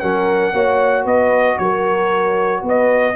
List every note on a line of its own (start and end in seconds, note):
0.00 0.54 F#3
0.00 0.54 C#4
0.00 0.54 A#4
0.00 1.05 F#5
0.54 1.06 A#3
0.54 3.16 F#4
0.54 1.04 C#5
1.04 1.58 B3
1.04 1.57 B4
1.04 1.59 D#5
1.59 2.63 F#3
1.59 2.62 A#4
1.59 2.64 C#5
2.62 3.16 B3
2.62 3.15 B4
2.69 3.16 D#5